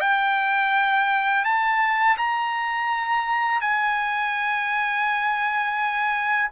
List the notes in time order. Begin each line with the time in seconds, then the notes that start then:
0.00 G5
1.45 A5
2.17 A#5
3.61 G#5